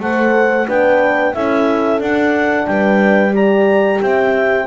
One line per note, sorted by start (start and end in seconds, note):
0.00 0.67 A3
0.00 0.68 A4
0.00 0.67 C5
0.00 0.69 F#5
0.67 1.35 B3
0.67 1.34 D4
0.67 1.34 B4
0.67 1.35 G5
1.34 2.00 C#4
1.34 1.99 E4
1.34 2.69 A4
1.34 2.01 E5
1.99 3.31 D4
1.99 2.67 D4
1.99 2.67 F#5
2.67 4.01 G3
2.67 3.35 B4
2.67 3.34 G5
3.31 4.64 G4
3.31 4.02 D5
3.31 4.02 A#5
4.02 4.68 C4
4.02 4.68 E5
4.02 4.68 G5